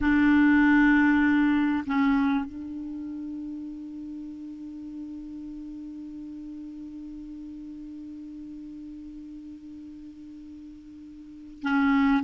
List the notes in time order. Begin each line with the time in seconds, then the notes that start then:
0.01 D4
1.86 C#4
2.45 D4
11.62 C#4